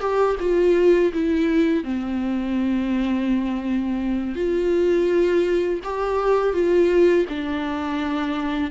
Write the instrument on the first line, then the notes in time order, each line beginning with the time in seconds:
viola
0.00 G4
0.40 F4
1.13 E4
1.84 C4
4.36 F4
5.84 G4
6.54 F4
7.29 D4